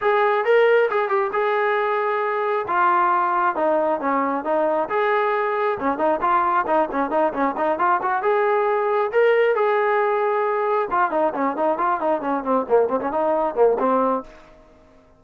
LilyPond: \new Staff \with { instrumentName = "trombone" } { \time 4/4 \tempo 4 = 135 gis'4 ais'4 gis'8 g'8 gis'4~ | gis'2 f'2 | dis'4 cis'4 dis'4 gis'4~ | gis'4 cis'8 dis'8 f'4 dis'8 cis'8 |
dis'8 cis'8 dis'8 f'8 fis'8 gis'4.~ | gis'8 ais'4 gis'2~ gis'8~ | gis'8 f'8 dis'8 cis'8 dis'8 f'8 dis'8 cis'8 | c'8 ais8 c'16 cis'16 dis'4 ais8 c'4 | }